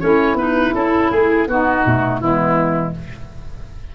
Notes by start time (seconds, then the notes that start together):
0.00 A3 C#4 E4 C#5
0.34 B3 D#4 B4
0.74 C#4 E4 A4
1.11 A3 G#4
1.47 B3 D#4 F#4
1.86 B2 A3
2.20 E3 G#3 B3 E4